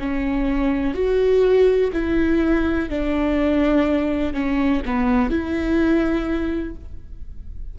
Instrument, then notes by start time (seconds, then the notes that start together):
viola
0.00 C#4
0.95 F#4
1.93 E4
2.89 D4
4.34 C#4
4.86 B3
5.30 E4